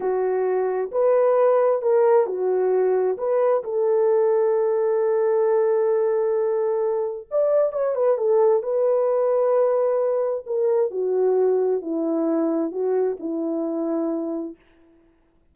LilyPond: \new Staff \with { instrumentName = "horn" } { \time 4/4 \tempo 4 = 132 fis'2 b'2 | ais'4 fis'2 b'4 | a'1~ | a'1 |
d''4 cis''8 b'8 a'4 b'4~ | b'2. ais'4 | fis'2 e'2 | fis'4 e'2. | }